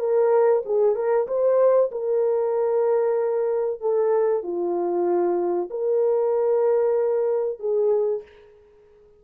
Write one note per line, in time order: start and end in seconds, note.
0.00 0.63 A#4
0.65 0.96 G#4
0.96 1.27 A#4
1.28 1.91 C5
1.92 3.81 A#4
3.81 4.43 A4
4.43 5.70 F4
5.70 7.60 A#4
7.60 8.23 G#4